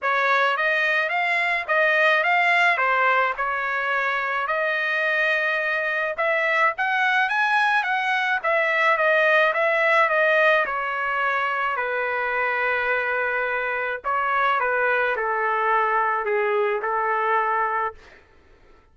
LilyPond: \new Staff \with { instrumentName = "trumpet" } { \time 4/4 \tempo 4 = 107 cis''4 dis''4 f''4 dis''4 | f''4 c''4 cis''2 | dis''2. e''4 | fis''4 gis''4 fis''4 e''4 |
dis''4 e''4 dis''4 cis''4~ | cis''4 b'2.~ | b'4 cis''4 b'4 a'4~ | a'4 gis'4 a'2 | }